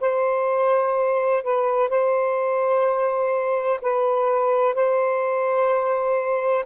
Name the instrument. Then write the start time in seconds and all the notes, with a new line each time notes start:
saxophone
0.00 C5
1.43 B4
1.89 C5
3.81 B4
4.74 C5